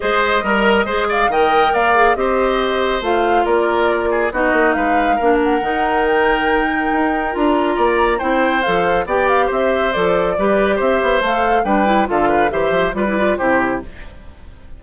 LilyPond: <<
  \new Staff \with { instrumentName = "flute" } { \time 4/4 \tempo 4 = 139 dis''2~ dis''8 f''8 g''4 | f''4 dis''2 f''4 | d''2 dis''4 f''4~ | f''8 fis''4. g''2~ |
g''4 ais''2 g''4 | f''4 g''8 f''8 e''4 d''4~ | d''4 e''4 f''4 g''4 | f''4 e''4 d''4 c''4 | }
  \new Staff \with { instrumentName = "oboe" } { \time 4/4 c''4 ais'4 c''8 d''8 dis''4 | d''4 c''2. | ais'4. gis'8 fis'4 b'4 | ais'1~ |
ais'2 d''4 c''4~ | c''4 d''4 c''2 | b'4 c''2 b'4 | a'8 b'8 c''4 b'4 g'4 | }
  \new Staff \with { instrumentName = "clarinet" } { \time 4/4 gis'4 ais'4 gis'4 ais'4~ | ais'8 gis'8 g'2 f'4~ | f'2 dis'2 | d'4 dis'2.~ |
dis'4 f'2 e'4 | a'4 g'2 a'4 | g'2 a'4 d'8 e'8 | f'4 g'4 f'16 e'16 f'8 e'4 | }
  \new Staff \with { instrumentName = "bassoon" } { \time 4/4 gis4 g4 gis4 dis4 | ais4 c'2 a4 | ais2 b8 ais8 gis4 | ais4 dis2. |
dis'4 d'4 ais4 c'4 | f4 b4 c'4 f4 | g4 c'8 b8 a4 g4 | d4 e8 f8 g4 c4 | }
>>